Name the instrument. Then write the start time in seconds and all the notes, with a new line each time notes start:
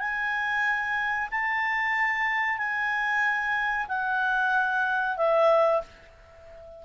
clarinet
0.00 G#5
1.32 A5
2.58 G#5
3.89 F#5
5.18 E5